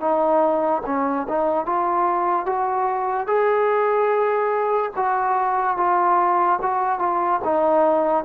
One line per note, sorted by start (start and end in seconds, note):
0.00 0.82 D#4
0.86 1.27 C#4
1.29 1.66 D#4
1.66 2.46 F4
2.46 3.27 F#4
3.27 4.92 G#4
4.97 5.77 F#4
5.77 6.59 F4
6.62 6.99 F#4
6.99 7.40 F4
7.44 8.25 D#4